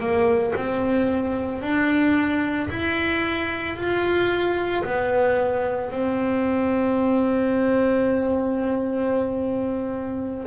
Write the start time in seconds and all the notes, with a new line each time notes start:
0.00 A#3
0.56 C4
1.62 D4
2.70 E4
3.76 F4
4.85 B3
5.92 C4